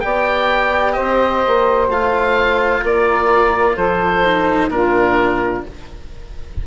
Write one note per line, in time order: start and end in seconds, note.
0.00 0.98 B3
0.00 1.90 G4
0.00 0.95 D5
0.00 0.93 G5
0.93 1.45 C4
0.93 2.82 C5
0.93 1.86 D#5
1.47 1.88 A#3
1.88 2.82 A3
1.88 4.24 F4
1.88 2.85 F5
2.83 3.77 A#3
2.83 3.75 A#4
2.83 3.76 D5
3.75 4.69 F3
3.75 4.69 A4
3.75 4.70 C5
4.25 4.70 D#4
4.69 5.63 A#2
4.69 5.64 D4
4.69 5.67 F4
4.69 5.64 A#4